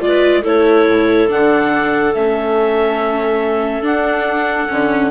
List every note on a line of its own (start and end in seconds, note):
0.00 0.44 G#3
0.00 0.43 F4
0.00 0.44 D5
0.07 0.41 B4
0.41 0.87 A3
0.41 1.28 E4
0.41 5.10 A4
0.41 1.30 C#5
0.87 1.29 A2
1.28 2.15 D3
1.28 2.13 D4
1.28 2.14 F#5
2.14 3.82 A3
2.14 3.82 C#4
2.14 3.84 E5
3.82 4.67 D4
3.82 5.11 F#5
4.68 5.11 D3
4.68 5.10 C#4